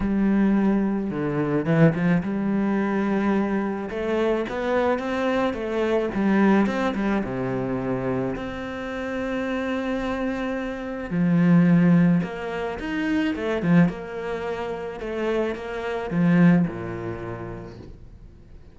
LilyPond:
\new Staff \with { instrumentName = "cello" } { \time 4/4 \tempo 4 = 108 g2 d4 e8 f8 | g2. a4 | b4 c'4 a4 g4 | c'8 g8 c2 c'4~ |
c'1 | f2 ais4 dis'4 | a8 f8 ais2 a4 | ais4 f4 ais,2 | }